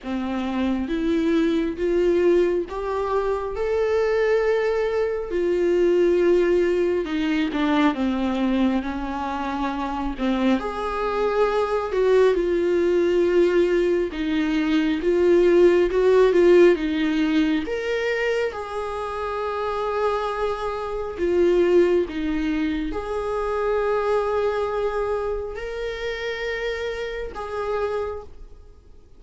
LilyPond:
\new Staff \with { instrumentName = "viola" } { \time 4/4 \tempo 4 = 68 c'4 e'4 f'4 g'4 | a'2 f'2 | dis'8 d'8 c'4 cis'4. c'8 | gis'4. fis'8 f'2 |
dis'4 f'4 fis'8 f'8 dis'4 | ais'4 gis'2. | f'4 dis'4 gis'2~ | gis'4 ais'2 gis'4 | }